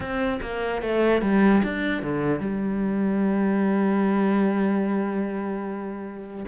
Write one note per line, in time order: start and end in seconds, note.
0.00 0.40 C4
0.41 0.81 A#3
0.81 1.21 A3
1.21 1.62 G3
1.63 2.02 D4
2.02 2.39 D3
2.39 6.45 G3